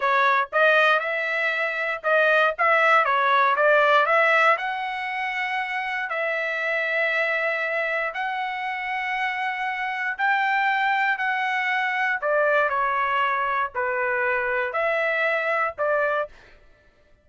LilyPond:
\new Staff \with { instrumentName = "trumpet" } { \time 4/4 \tempo 4 = 118 cis''4 dis''4 e''2 | dis''4 e''4 cis''4 d''4 | e''4 fis''2. | e''1 |
fis''1 | g''2 fis''2 | d''4 cis''2 b'4~ | b'4 e''2 d''4 | }